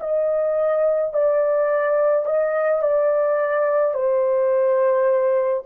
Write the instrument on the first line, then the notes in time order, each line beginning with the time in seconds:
horn
0.00 D#5
1.13 D5
2.26 D#5
2.83 D5
3.94 C5